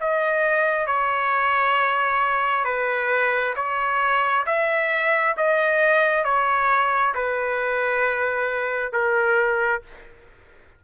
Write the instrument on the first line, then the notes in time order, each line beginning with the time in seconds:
trumpet
0.00 D#5
0.87 C#5
2.65 B4
3.56 C#5
4.46 E5
5.37 D#5
6.24 C#5
7.14 B4
8.93 A#4